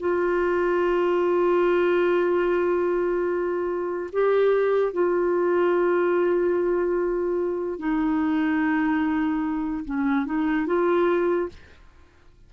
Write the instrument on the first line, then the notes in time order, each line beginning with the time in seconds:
clarinet
0.00 F4
4.13 G4
4.94 F4
7.79 D#4
9.86 C#4
10.26 D#4
10.67 F4